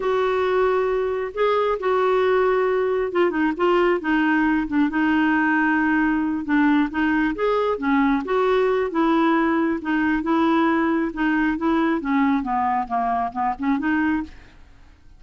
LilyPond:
\new Staff \with { instrumentName = "clarinet" } { \time 4/4 \tempo 4 = 135 fis'2. gis'4 | fis'2. f'8 dis'8 | f'4 dis'4. d'8 dis'4~ | dis'2~ dis'8 d'4 dis'8~ |
dis'8 gis'4 cis'4 fis'4. | e'2 dis'4 e'4~ | e'4 dis'4 e'4 cis'4 | b4 ais4 b8 cis'8 dis'4 | }